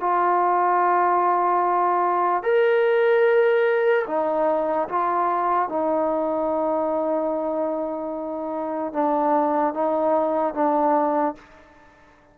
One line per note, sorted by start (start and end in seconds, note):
0.00 2.43 F4
2.43 4.05 A#4
4.07 4.88 D#4
4.89 5.69 F4
5.69 8.93 D#4
8.93 9.74 D4
9.74 10.54 D#4
10.54 11.35 D4